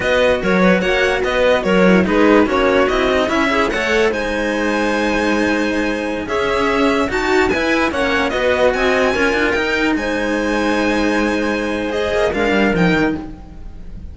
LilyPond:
<<
  \new Staff \with { instrumentName = "violin" } { \time 4/4 \tempo 4 = 146 dis''4 cis''4 fis''4 dis''4 | cis''4 b'4 cis''4 dis''4 | e''4 fis''4 gis''2~ | gis''2.~ gis''16 e''8.~ |
e''4~ e''16 a''4 gis''4 fis''8.~ | fis''16 dis''4 gis''2 g''8.~ | g''16 gis''2.~ gis''8.~ | gis''4 dis''4 f''4 g''4 | }
  \new Staff \with { instrumentName = "clarinet" } { \time 4/4 b'4 ais'8 b'8 cis''4 b'4 | ais'4 gis'4 fis'2 | e'8 gis'8 cis''4 c''2~ | c''2.~ c''16 gis'8.~ |
gis'4~ gis'16 fis'4 b'4 cis''8.~ | cis''16 b'4 dis''4 ais'4.~ ais'16~ | ais'16 c''2.~ c''8.~ | c''2 ais'2 | }
  \new Staff \with { instrumentName = "cello" } { \time 4/4 fis'1~ | fis'8 e'8 dis'4 cis'4 e'8 dis'8 | cis'8 e'8 a'4 dis'2~ | dis'2.~ dis'16 cis'8.~ |
cis'4~ cis'16 fis'4 e'4 cis'8.~ | cis'16 fis'2 f'4 dis'8.~ | dis'1~ | dis'4 gis'4 d'4 dis'4 | }
  \new Staff \with { instrumentName = "cello" } { \time 4/4 b4 fis4 ais4 b4 | fis4 gis4 ais4 c'4 | cis'4 a4 gis2~ | gis2.~ gis16 cis'8.~ |
cis'4~ cis'16 dis'4 e'4 ais8.~ | ais16 b4 c'4 cis'8 d'8 dis'8.~ | dis'16 gis2.~ gis8.~ | gis4. ais8 gis8 g8 f8 dis8 | }
>>